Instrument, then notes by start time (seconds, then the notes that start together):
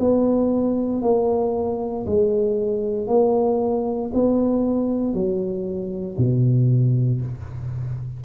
tuba
0.00 B3
1.03 A#3
2.06 G#3
3.08 A#3
4.14 B3
5.14 F#3
6.18 B2